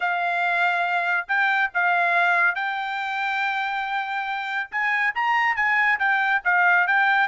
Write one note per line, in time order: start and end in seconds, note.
0.00 1.26 F5
1.28 1.70 G5
1.74 2.55 F5
2.55 4.69 G5
4.71 5.14 G#5
5.14 5.56 A#5
5.56 5.98 G#5
5.99 6.42 G5
6.44 6.87 F5
6.87 7.28 G5